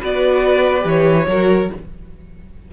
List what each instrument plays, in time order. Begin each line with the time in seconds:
0.00 cello B3, viola F#4, violin B4 D5
0.80 cello E3, viola G4
0.88 violin C#5
1.27 cello F#3, viola F#4, violin A#4